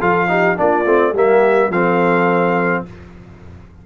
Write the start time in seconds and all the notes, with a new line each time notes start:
0.00 F3 F4 A4 F5
0.29 D#4 G4
0.57 A#3 D4 F4 D5
0.85 A3 C4
1.13 G3 A#3 G4 E5
1.70 F3 C4 A4 F5